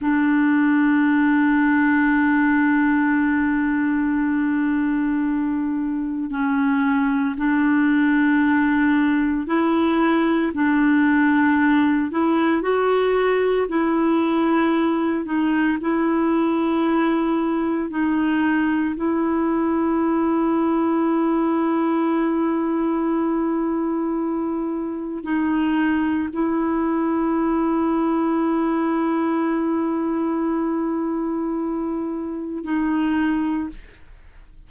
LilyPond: \new Staff \with { instrumentName = "clarinet" } { \time 4/4 \tempo 4 = 57 d'1~ | d'2 cis'4 d'4~ | d'4 e'4 d'4. e'8 | fis'4 e'4. dis'8 e'4~ |
e'4 dis'4 e'2~ | e'1 | dis'4 e'2.~ | e'2. dis'4 | }